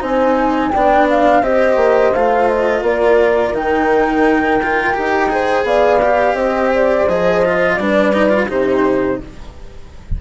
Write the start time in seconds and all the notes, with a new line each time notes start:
0.00 C4 D#4 C5 G#5
0.71 B3 D4 D5 G5
1.10 F5
1.42 C4 G4 C5 D#5
1.76 A#3
2.14 A3 F4 F5
2.48 D#5
2.82 A#3 A#4 D5
3.52 D#3 D#4 G5
4.63 F4
4.94 D#4 G4
5.29 G#4 C5
5.64 B3 D5 F5
6.02 G4
6.33 C4 C5 D#5
6.74 D5
7.08 F3 G#4 D#5
7.45 F4
7.76 G3 D4 B4 D5
8.13 D#4
8.29 F4
8.48 C3 D#4 G4 C5